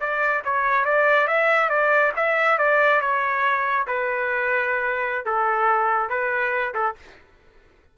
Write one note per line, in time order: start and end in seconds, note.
0.00 0.43 D5
0.44 0.85 C#5
0.85 1.27 D5
1.27 1.69 E5
1.69 2.12 D5
2.16 2.58 E5
2.58 3.01 D5
3.01 3.86 C#5
3.87 5.25 B4
5.25 6.10 A4
6.10 6.74 B4
6.74 6.96 A4